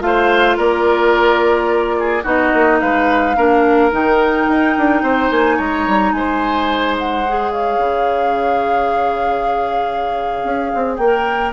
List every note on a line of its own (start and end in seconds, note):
0.00 0.56 A3
0.00 2.22 F4
0.00 0.56 C5
0.00 0.57 F5
0.56 2.24 A#3
0.56 1.95 A#4
0.56 2.24 D5
1.99 2.23 G#4
2.23 2.52 B3
2.23 3.34 D#4
2.23 2.78 F#4
2.23 2.79 D#5
2.53 2.81 A#3
2.79 3.36 G#3
2.79 3.36 B4
2.79 3.91 F5
3.36 3.91 A#3
3.36 3.91 D4
3.36 5.02 A#4
3.91 4.47 D#3
3.91 7.24 D#4
3.91 5.31 G5
4.48 4.75 D#4
4.77 5.02 D4
5.02 5.30 C4
5.02 5.56 C5
5.30 5.58 A#3
5.30 5.58 G#5
5.56 5.87 G#3
5.56 6.11 C#5
5.56 6.12 A#5
5.87 6.12 G3
6.12 7.78 G#3
6.12 7.52 C5
6.12 6.95 G#5
6.98 7.51 F#5
7.27 11.02 G#4
7.51 11.53 C#5
7.51 10.95 F5
7.78 10.41 C#3
10.43 10.71 C#4
10.74 10.98 C4
10.95 11.53 A#3
10.95 11.51 G5
11.03 11.53 A#4